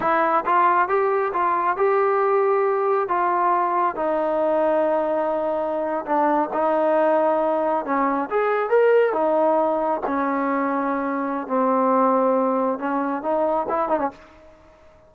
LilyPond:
\new Staff \with { instrumentName = "trombone" } { \time 4/4 \tempo 4 = 136 e'4 f'4 g'4 f'4 | g'2. f'4~ | f'4 dis'2.~ | dis'4.~ dis'16 d'4 dis'4~ dis'16~ |
dis'4.~ dis'16 cis'4 gis'4 ais'16~ | ais'8. dis'2 cis'4~ cis'16~ | cis'2 c'2~ | c'4 cis'4 dis'4 e'8 dis'16 cis'16 | }